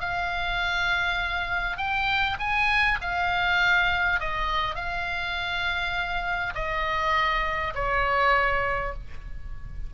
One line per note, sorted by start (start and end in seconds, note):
0.00 1.77 F5
1.77 2.37 G5
2.39 2.98 G#5
3.01 4.20 F5
4.20 4.75 D#5
4.75 6.53 F5
6.55 7.73 D#5
7.75 8.94 C#5